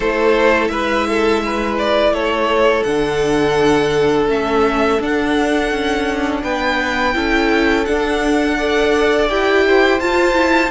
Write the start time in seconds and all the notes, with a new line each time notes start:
0.00 A3 E4 A4 C5
0.68 G#3 B4 E5
1.08 A4
1.44 B4
1.78 D5
2.10 A3 A4 C#5
2.83 D3 D4 F#5
4.27 A3 C#4 E5
5.00 D4 F#5
5.71 C#4
6.43 B3 B4 G5
7.14 C#4 E4 A4
7.85 D4 F#5
8.57 A4 D5
9.28 E4 G4 G5
9.67 C5
9.99 F4 A5
10.33 E4